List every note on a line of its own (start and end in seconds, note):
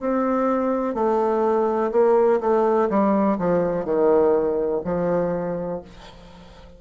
0.00 0.95 C4
0.95 1.91 A3
1.92 2.40 A#3
2.41 2.89 A3
2.90 3.38 G3
3.38 3.85 F3
3.85 4.82 D#3
4.85 5.82 F3